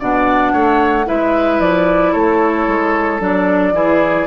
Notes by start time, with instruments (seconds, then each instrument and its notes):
0.00 bassoon B2, clarinet D4, oboe D5, flute F#5
0.52 bassoon A3, oboe C#5
1.06 bassoon G#3, clarinet E4, oboe B4, flute E5
1.60 bassoon F3, flute D5
2.12 bassoon A3, oboe A4, flute C#5
2.67 bassoon G#3
3.20 bassoon F#3, clarinet D4, flute D5
3.73 bassoon E3, clarinet E4, oboe G#4